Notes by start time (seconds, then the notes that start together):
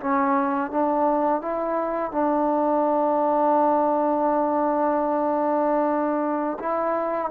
0.00 C#4
0.71 D4
1.42 E4
2.12 D4
6.59 E4